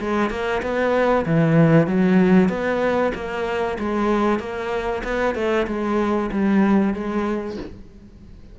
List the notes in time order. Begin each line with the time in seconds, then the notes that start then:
0.00 G#3
0.30 A#3
0.62 B3
1.26 E3
1.87 F#3
2.49 B3
3.15 A#3
3.79 G#3
4.40 A#3
5.04 B3
5.35 A3
5.67 G#3
6.32 G3
6.94 G#3